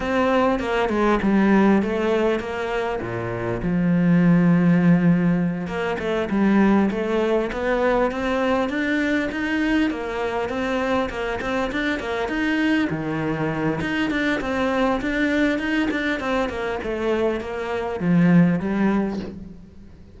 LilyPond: \new Staff \with { instrumentName = "cello" } { \time 4/4 \tempo 4 = 100 c'4 ais8 gis8 g4 a4 | ais4 ais,4 f2~ | f4. ais8 a8 g4 a8~ | a8 b4 c'4 d'4 dis'8~ |
dis'8 ais4 c'4 ais8 c'8 d'8 | ais8 dis'4 dis4. dis'8 d'8 | c'4 d'4 dis'8 d'8 c'8 ais8 | a4 ais4 f4 g4 | }